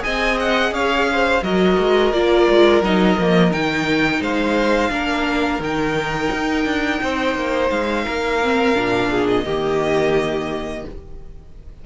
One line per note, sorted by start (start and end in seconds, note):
0.00 1.40 G#4
0.00 0.74 D#5
0.00 0.38 G#5
0.06 0.72 C4
0.40 0.74 F#5
0.72 1.41 C#4
0.72 1.09 C#5
0.72 1.44 F5
1.12 1.44 C5
1.43 1.78 F#3
1.43 2.14 F#4
1.43 4.22 A#4
1.43 2.13 D#5
1.79 2.13 G#3
2.13 2.48 A#3
2.13 2.83 F4
2.13 2.83 D5
2.51 2.82 G#3
2.82 3.17 F#3
2.82 3.19 D#4
2.82 3.53 D#5
3.19 3.53 F3
3.19 3.52 A#3
3.52 4.21 D#3
3.52 4.91 D#4
3.52 4.23 G5
4.21 4.91 G#3
4.21 4.91 C5
4.21 5.63 F5
4.91 5.60 A#3
4.91 5.60 D4
4.91 7.02 A#4
5.60 6.29 D#3
5.60 8.43 D#4
5.60 7.70 G5
6.33 6.66 D#4
6.66 7.01 D4
7.03 7.36 C4
7.03 8.05 C5
7.36 7.70 A#3
7.70 8.06 G#3
7.70 9.27 F5
8.05 8.76 A#3
8.05 9.10 A#4
8.43 8.75 C4
8.75 9.46 A#2
8.75 9.45 D4
9.11 9.46 G#4
9.29 10.86 D#5
9.46 10.85 D#3
9.46 10.86 A#3
9.46 10.85 G4